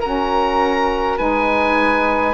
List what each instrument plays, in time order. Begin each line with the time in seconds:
0.00 saxophone C#4, bassoon F#4, flute A#4, oboe A#5
1.18 bassoon G#3, saxophone D#4, flute B4, oboe G#5